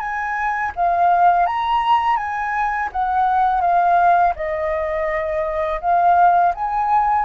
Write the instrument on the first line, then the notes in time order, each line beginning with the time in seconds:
flute
0.00 G#5
0.76 F5
1.46 A#5
2.17 G#5
2.92 F#5
3.61 F5
4.36 D#5
5.81 F5
6.55 G#5